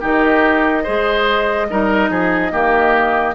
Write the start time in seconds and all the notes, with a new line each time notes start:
0.00 D#3 D#4 G4 D#5
0.83 G#3 G#4 C5
1.70 G3 D#4 A#4
2.09 F3 G#4
2.51 D#3 A#3 G4